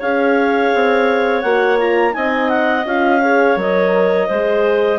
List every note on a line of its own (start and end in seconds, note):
0.00 0.74 C#4
0.00 1.44 G#4
0.00 2.14 C#5
0.00 1.42 F5
0.75 1.44 C4
1.42 2.15 A#3
1.42 1.78 F#4
1.42 1.78 F#5
1.78 2.12 F4
1.78 2.14 A#5
2.12 2.85 C4
2.12 2.83 D#4
2.12 3.22 D#5
2.12 2.50 G#5
2.50 2.85 F#5
2.85 3.57 C#4
2.85 3.22 F4
2.85 3.59 F5
3.22 3.58 G#4
3.22 4.28 C#5
3.57 4.28 F#3
3.57 4.29 A#4
3.57 4.99 D#5
4.28 4.99 G#3
4.28 4.99 G#4
4.28 4.99 C5